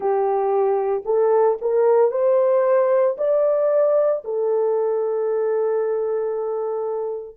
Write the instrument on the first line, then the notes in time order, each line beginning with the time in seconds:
horn
0.00 G4
1.05 A4
1.61 A#4
2.11 C5
3.17 D5
4.24 A4